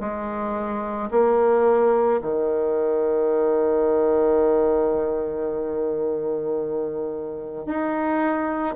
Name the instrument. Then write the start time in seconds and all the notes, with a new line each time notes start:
bassoon
0.00 G#3
1.11 A#3
2.22 D#3
7.66 D#4